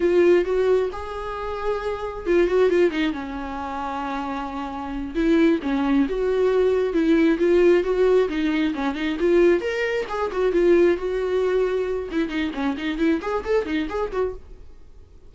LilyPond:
\new Staff \with { instrumentName = "viola" } { \time 4/4 \tempo 4 = 134 f'4 fis'4 gis'2~ | gis'4 f'8 fis'8 f'8 dis'8 cis'4~ | cis'2.~ cis'8 e'8~ | e'8 cis'4 fis'2 e'8~ |
e'8 f'4 fis'4 dis'4 cis'8 | dis'8 f'4 ais'4 gis'8 fis'8 f'8~ | f'8 fis'2~ fis'8 e'8 dis'8 | cis'8 dis'8 e'8 gis'8 a'8 dis'8 gis'8 fis'8 | }